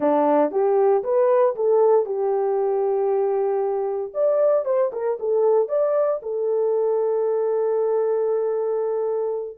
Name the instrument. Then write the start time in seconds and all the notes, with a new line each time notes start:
horn
0.00 D4
0.51 G4
1.03 B4
1.55 A4
2.05 G4
4.14 D5
4.65 C5
4.92 A#4
5.19 A4
5.68 D5
6.22 A4